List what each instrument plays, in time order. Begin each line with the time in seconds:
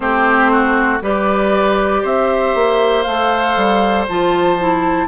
0.00 bassoon A3, clarinet C4, oboe G4, flute C5
0.51 oboe F#4
1.01 bassoon G3, clarinet G4, oboe B4, flute D5
2.02 bassoon C4, oboe C5, flute E5
2.54 bassoon A#3
3.02 bassoon A3, clarinet A4, flute F5
3.56 bassoon G3
4.08 bassoon F3, clarinet F4, flute A5
4.58 clarinet E4